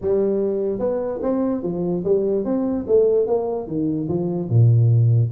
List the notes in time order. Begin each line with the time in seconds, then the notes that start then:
0.01 G3
0.79 B3
1.22 C4
1.62 F3
2.04 G3
2.44 C4
2.87 A3
3.26 A#3
3.67 D#3
4.08 F3
4.49 A#2